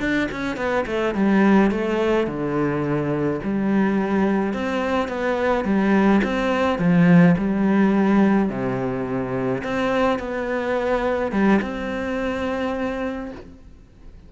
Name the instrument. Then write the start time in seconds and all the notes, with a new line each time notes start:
cello
0.00 D4
0.32 C#4
0.57 B3
0.87 A3
1.15 G3
1.71 A3
2.27 D3
3.44 G3
4.54 C4
5.08 B3
5.65 G3
6.24 C4
6.79 F3
7.38 G3
8.50 C3
9.64 C4
10.19 B3
11.32 G3
11.62 C4